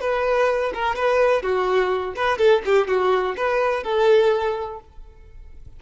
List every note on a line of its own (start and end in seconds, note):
0.00 0.72 B4
0.73 0.95 A#4
0.95 1.42 B4
1.42 2.14 F#4
2.15 2.38 B4
2.38 2.62 A4
2.65 2.87 G4
2.87 3.35 F#4
3.36 3.83 B4
3.83 4.79 A4